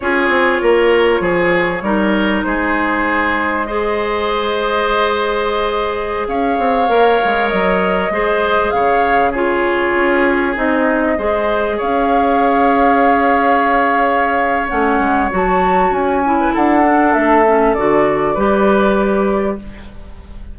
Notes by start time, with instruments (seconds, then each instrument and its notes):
0.00 bassoon C#4, clarinet F4, oboe G#4, flute C#5
0.28 bassoon C4
0.61 bassoon A#3, oboe A#4
1.20 bassoon F3, oboe G#4
1.81 bassoon G3, clarinet D#4, oboe A#4
2.43 bassoon G#3, oboe G#4, flute C5
3.66 clarinet G#4, oboe C5, flute D#5
6.27 bassoon C#4, oboe C#5, flute F5
6.58 bassoon C4
6.88 bassoon A#3, clarinet A#4
7.24 bassoon G#3
7.48 bassoon F#3, flute D#5
8.10 bassoon G#3, clarinet G#4, oboe C5
8.70 bassoon C#3, oboe C#5, flute F5
9.30 clarinet F4, oboe G#4, flute C#5
9.94 bassoon C#4
10.55 bassoon C4, clarinet D#4, flute D#5
11.18 bassoon G#3, clarinet G#4, oboe C5
11.77 bassoon C#4, oboe C#5, flute F5
14.68 bassoon A3, clarinet C#4, flute F#5
14.99 bassoon G#3
15.30 bassoon F#3, clarinet F#4, flute A5
15.90 bassoon C#4, flute G#5
16.24 clarinet E4
16.40 oboe B4
16.53 bassoon D4, oboe A4, flute F#5
16.83 clarinet D4
17.13 bassoon A3, flute E5
17.46 clarinet C#4
17.73 bassoon D3, clarinet F#4, flute D5
18.34 bassoon G3, clarinet G4, oboe B4